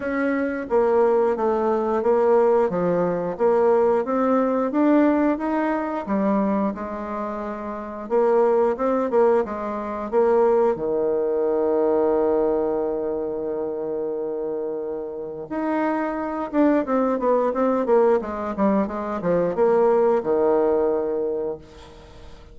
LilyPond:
\new Staff \with { instrumentName = "bassoon" } { \time 4/4 \tempo 4 = 89 cis'4 ais4 a4 ais4 | f4 ais4 c'4 d'4 | dis'4 g4 gis2 | ais4 c'8 ais8 gis4 ais4 |
dis1~ | dis2. dis'4~ | dis'8 d'8 c'8 b8 c'8 ais8 gis8 g8 | gis8 f8 ais4 dis2 | }